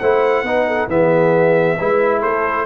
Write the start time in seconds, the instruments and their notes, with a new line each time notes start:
0.00 tuba A3, trombone E4, horn C5, trumpet F#5
0.43 tuba B3, trombone D#4, horn B4
0.67 horn A4
0.88 tuba E3, trombone B3, horn G#4, trumpet E5
1.77 tuba G#3, trombone E4, horn B4
2.19 tuba A3, horn A4, trumpet C5